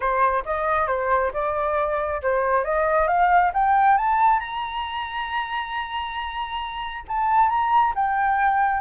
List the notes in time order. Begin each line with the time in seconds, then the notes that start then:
0.00 C5
0.45 D#5
0.87 C5
1.33 D5
2.22 C5
2.64 D#5
3.07 F5
3.53 G5
3.97 A5
4.39 A#5
7.07 A5
7.49 A#5
7.95 G5